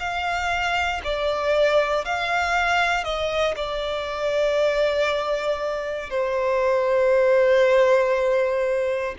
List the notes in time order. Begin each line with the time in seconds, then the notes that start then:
0.00 F5
1.04 D5
2.05 F5
3.05 D#5
3.56 D5
6.10 C5